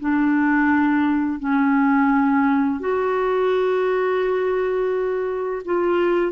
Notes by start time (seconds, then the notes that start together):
0.00 D4
1.40 C#4
2.80 F#4
5.65 F4